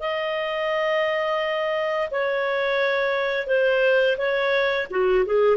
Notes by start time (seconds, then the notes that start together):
0.00 D#5
2.11 C#5
3.47 C5
4.17 C#5
4.90 F#4
5.25 G#4